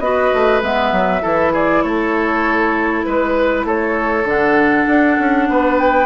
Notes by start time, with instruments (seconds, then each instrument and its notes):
0.00 bassoon B3, clarinet F#4, oboe B4, flute D#5
0.34 bassoon A3
0.62 bassoon G#3, clarinet B3, flute E5
0.92 bassoon F#3
1.21 bassoon E3, clarinet E4, oboe A4
1.53 oboe G#4, flute D5
1.83 bassoon A3, oboe A4, flute C#5
3.04 bassoon G#3, flute B4, oboe B4
3.64 bassoon A3, oboe A4, flute C#5
4.24 bassoon D3, clarinet D4, flute F#5
4.87 bassoon D4
5.19 bassoon C#4
5.49 bassoon B3, oboe B4
5.78 flute G5